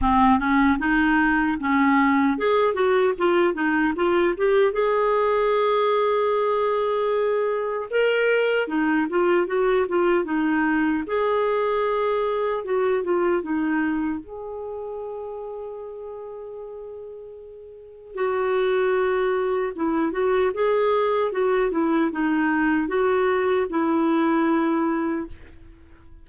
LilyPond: \new Staff \with { instrumentName = "clarinet" } { \time 4/4 \tempo 4 = 76 c'8 cis'8 dis'4 cis'4 gis'8 fis'8 | f'8 dis'8 f'8 g'8 gis'2~ | gis'2 ais'4 dis'8 f'8 | fis'8 f'8 dis'4 gis'2 |
fis'8 f'8 dis'4 gis'2~ | gis'2. fis'4~ | fis'4 e'8 fis'8 gis'4 fis'8 e'8 | dis'4 fis'4 e'2 | }